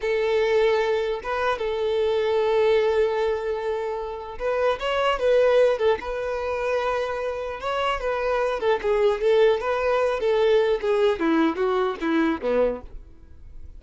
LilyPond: \new Staff \with { instrumentName = "violin" } { \time 4/4 \tempo 4 = 150 a'2. b'4 | a'1~ | a'2. b'4 | cis''4 b'4. a'8 b'4~ |
b'2. cis''4 | b'4. a'8 gis'4 a'4 | b'4. a'4. gis'4 | e'4 fis'4 e'4 b4 | }